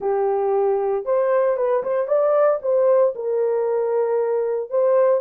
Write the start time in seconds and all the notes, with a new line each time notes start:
0.00 G4
1.05 C5
1.56 B4
1.83 C5
2.07 D5
2.62 C5
3.15 A#4
4.70 C5